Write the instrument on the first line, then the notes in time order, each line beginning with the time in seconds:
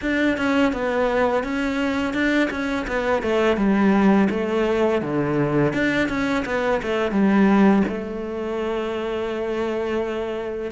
cello
0.01 D4
0.37 C#4
0.72 B3
1.43 C#4
2.13 D4
2.50 C#4
2.87 B3
3.22 A3
3.56 G3
4.30 A3
5.01 D3
5.73 D4
6.08 C#4
6.45 B3
6.82 A3
7.11 G3
7.88 A3